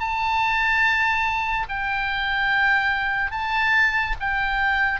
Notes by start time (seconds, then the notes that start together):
0.00 A5
1.69 G5
3.31 A5
4.20 G5